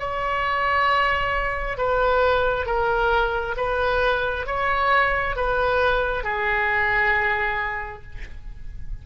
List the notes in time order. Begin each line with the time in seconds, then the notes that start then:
0.00 C#5
1.78 B4
2.66 A#4
3.57 B4
4.47 C#5
5.36 B4
6.24 G#4